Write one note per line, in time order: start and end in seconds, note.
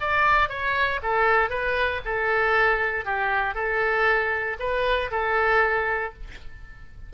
0.00 0.49 D5
0.49 1.00 C#5
1.02 1.49 A4
1.49 2.01 B4
2.05 3.05 A4
3.05 3.54 G4
3.54 4.57 A4
4.59 5.10 B4
5.11 6.13 A4